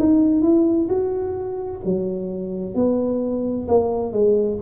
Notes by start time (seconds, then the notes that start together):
0.00 D#4
0.42 E4
0.89 F#4
1.85 F#3
2.75 B3
3.68 A#3
4.13 G#3